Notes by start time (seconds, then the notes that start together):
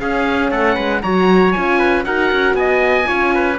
0.00 C#4 G#4 F5
0.51 A3 A4 F#5
0.75 G#3 B4
1.02 F#3 F#4 C#5 A#5
1.52 C#4 F4 G#5
1.79 B4
2.04 D#4 F#4 A#4 F#5
2.32 C#4
2.54 B3 D#5 G#5
3.05 C#4 F4 C#5
3.34 B4